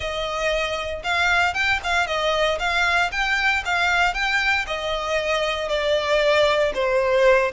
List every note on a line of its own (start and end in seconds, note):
0.00 1.02 D#5
1.03 1.54 F5
1.54 1.79 G5
1.83 2.06 F5
2.06 2.58 D#5
2.59 3.11 F5
3.11 3.63 G5
3.65 4.14 F5
4.14 4.65 G5
4.66 5.68 D#5
5.68 6.72 D5
6.74 7.51 C5